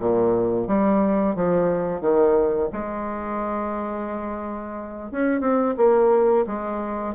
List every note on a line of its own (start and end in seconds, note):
0.00 0.68 A#2
0.68 1.36 G3
1.36 2.01 F3
2.01 2.70 D#3
2.73 5.12 G#3
5.12 5.41 C#4
5.41 5.76 C4
5.78 6.46 A#3
6.47 7.15 G#3